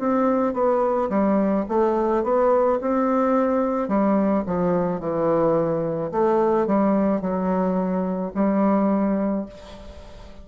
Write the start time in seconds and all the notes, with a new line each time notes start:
0.00 C4
0.54 B3
1.10 G3
1.69 A3
2.24 B3
2.81 C4
3.89 G3
4.46 F3
5.01 E3
6.12 A3
6.67 G3
7.21 F#3
8.35 G3